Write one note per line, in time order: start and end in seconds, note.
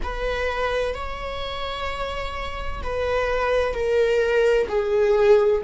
0.03 0.94 B4
0.94 2.82 C#5
2.82 3.74 B4
3.74 4.67 A#4
4.68 5.62 G#4